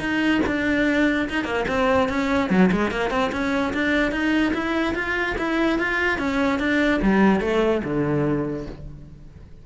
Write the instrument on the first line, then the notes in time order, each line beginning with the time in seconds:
cello
0.00 D#4
0.47 D4
1.29 D#4
1.45 A#3
1.68 C4
2.09 C#4
2.50 F#3
2.72 G#3
2.91 A#3
3.11 C4
3.32 C#4
3.74 D4
4.12 D#4
4.54 E4
4.95 F4
5.38 E4
5.79 F4
6.18 C#4
6.59 D4
7.02 G3
7.41 A3
7.84 D3